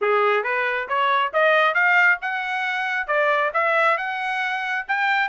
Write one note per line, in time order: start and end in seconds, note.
0.01 0.43 G#4
0.43 0.87 B4
0.88 1.32 C#5
1.33 1.74 D#5
1.74 2.18 F5
2.21 3.07 F#5
3.07 3.51 D5
3.53 3.97 E5
3.97 4.85 F#5
4.87 5.28 G5